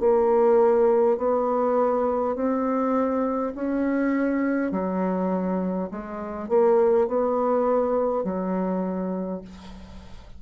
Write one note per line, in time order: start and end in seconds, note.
0.00 1.18 A#3
1.18 2.35 B3
2.35 3.53 C4
3.55 4.72 C#4
4.72 5.89 F#3
5.91 6.49 G#3
6.49 7.07 A#3
7.07 8.24 B3
8.24 9.42 F#3